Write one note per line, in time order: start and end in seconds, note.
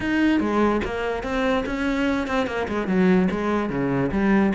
0.00 0.40 D#4
0.40 0.81 G#3
0.84 1.23 A#3
1.23 1.64 C4
1.66 2.27 C#4
2.27 2.46 C4
2.46 2.67 A#3
2.67 2.87 G#3
2.87 3.28 F#3
3.30 3.69 G#3
3.69 4.10 C#3
4.11 4.52 G3